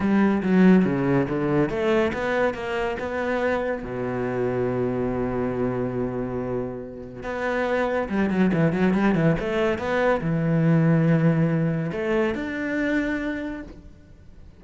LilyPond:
\new Staff \with { instrumentName = "cello" } { \time 4/4 \tempo 4 = 141 g4 fis4 cis4 d4 | a4 b4 ais4 b4~ | b4 b,2.~ | b,1~ |
b,4 b2 g8 fis8 | e8 fis8 g8 e8 a4 b4 | e1 | a4 d'2. | }